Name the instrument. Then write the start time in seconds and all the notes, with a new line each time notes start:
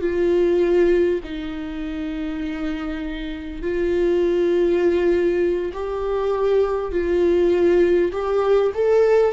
viola
0.00 F4
1.23 D#4
3.62 F4
5.73 G4
6.91 F4
8.12 G4
8.74 A4